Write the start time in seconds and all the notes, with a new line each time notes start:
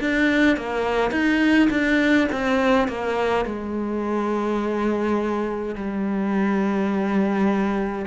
0.00 D4
0.57 A#3
1.11 D#4
1.70 D4
2.32 C4
2.88 A#3
3.45 G#3
5.75 G3